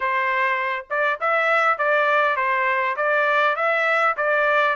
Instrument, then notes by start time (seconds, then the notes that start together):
trumpet
0.00 C5
0.89 D5
1.20 E5
1.77 D5
2.36 C5
2.96 D5
3.56 E5
4.16 D5